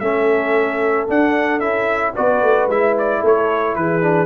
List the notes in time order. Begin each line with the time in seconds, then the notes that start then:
0.00 A3 C#4 A4 E5
1.08 D4 F#5
1.60 C#4 E4 E5
2.15 B3 F#4 B4 D5
2.42 A3
2.67 G#3 E4 E5
2.99 D5
3.21 A3 A4
3.27 C#5
3.76 E3 G#4 B4
4.02 D4